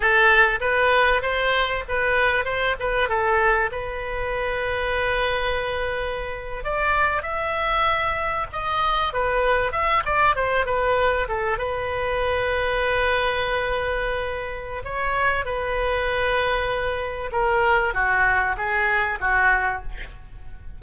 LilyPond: \new Staff \with { instrumentName = "oboe" } { \time 4/4 \tempo 4 = 97 a'4 b'4 c''4 b'4 | c''8 b'8 a'4 b'2~ | b'2~ b'8. d''4 e''16~ | e''4.~ e''16 dis''4 b'4 e''16~ |
e''16 d''8 c''8 b'4 a'8 b'4~ b'16~ | b'1 | cis''4 b'2. | ais'4 fis'4 gis'4 fis'4 | }